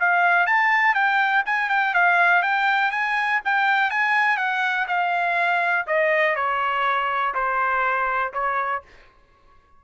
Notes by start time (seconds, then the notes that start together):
0.00 F5
0.47 A5
0.95 G5
1.46 G#5
1.70 G5
1.94 F5
2.43 G5
2.92 G#5
3.45 G5
3.91 G#5
4.38 F#5
4.88 F5
5.87 D#5
6.36 C#5
7.35 C5
8.34 C#5